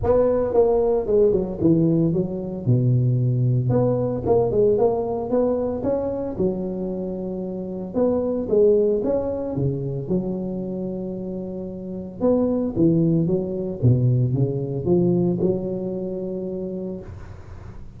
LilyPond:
\new Staff \with { instrumentName = "tuba" } { \time 4/4 \tempo 4 = 113 b4 ais4 gis8 fis8 e4 | fis4 b,2 b4 | ais8 gis8 ais4 b4 cis'4 | fis2. b4 |
gis4 cis'4 cis4 fis4~ | fis2. b4 | e4 fis4 b,4 cis4 | f4 fis2. | }